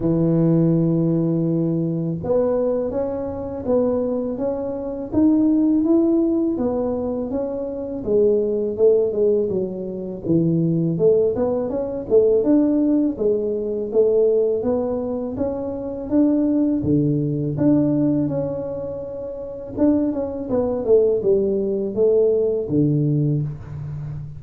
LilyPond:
\new Staff \with { instrumentName = "tuba" } { \time 4/4 \tempo 4 = 82 e2. b4 | cis'4 b4 cis'4 dis'4 | e'4 b4 cis'4 gis4 | a8 gis8 fis4 e4 a8 b8 |
cis'8 a8 d'4 gis4 a4 | b4 cis'4 d'4 d4 | d'4 cis'2 d'8 cis'8 | b8 a8 g4 a4 d4 | }